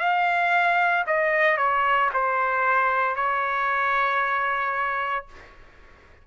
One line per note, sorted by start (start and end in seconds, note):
0.00 1.05 F5
1.07 1.58 D#5
1.58 2.11 C#5
2.14 3.16 C5
3.16 5.26 C#5